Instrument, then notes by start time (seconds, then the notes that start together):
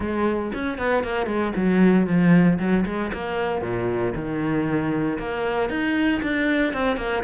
cello
0.00 G#3
0.54 C#4
0.78 B3
1.03 A#3
1.26 G#3
1.56 F#3
2.06 F3
2.58 F#3
2.85 G#3
3.13 A#3
3.61 A#2
4.15 D#3
5.18 A#3
5.69 D#4
6.22 D4
6.73 C4
6.97 A#3